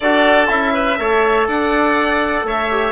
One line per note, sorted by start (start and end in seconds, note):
0.00 0.48 D4
0.00 0.47 F#4
0.00 0.73 A4
0.00 0.47 D5
0.47 0.98 C#4
0.47 0.97 E4
0.47 1.47 E5
0.73 0.98 B4
0.98 1.47 A3
0.98 2.70 A4
0.98 1.48 C#5
1.47 2.43 D4
1.47 2.46 D5
1.47 2.46 F#5
2.43 2.91 A3
2.43 2.91 C#5
2.43 2.91 E5
2.70 2.91 G4